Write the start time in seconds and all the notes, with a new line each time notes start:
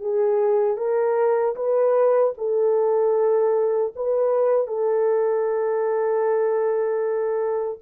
0.00 G#4
0.77 A#4
1.55 B4
2.37 A4
3.95 B4
4.67 A4